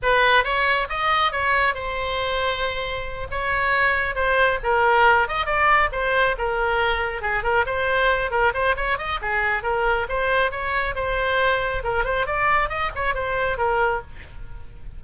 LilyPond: \new Staff \with { instrumentName = "oboe" } { \time 4/4 \tempo 4 = 137 b'4 cis''4 dis''4 cis''4 | c''2.~ c''8 cis''8~ | cis''4. c''4 ais'4. | dis''8 d''4 c''4 ais'4.~ |
ais'8 gis'8 ais'8 c''4. ais'8 c''8 | cis''8 dis''8 gis'4 ais'4 c''4 | cis''4 c''2 ais'8 c''8 | d''4 dis''8 cis''8 c''4 ais'4 | }